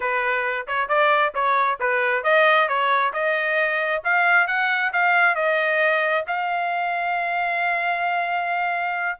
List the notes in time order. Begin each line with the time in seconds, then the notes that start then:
0.00 B4
0.67 C#5
0.88 D5
1.34 C#5
1.80 B4
2.23 D#5
2.68 C#5
3.13 D#5
4.04 F5
4.47 F#5
4.92 F5
5.35 D#5
6.27 F5